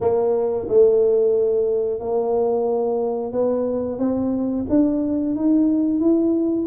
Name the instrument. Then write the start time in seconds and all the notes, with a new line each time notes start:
tuba
0.01 A#3
0.68 A3
1.99 A#3
3.32 B3
3.98 C4
4.69 D4
5.35 D#4
6.00 E4